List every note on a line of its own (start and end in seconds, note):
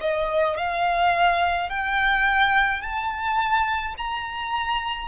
0.00 0.57 D#5
0.57 1.69 F5
1.69 2.81 G5
2.81 3.95 A5
3.97 5.08 A#5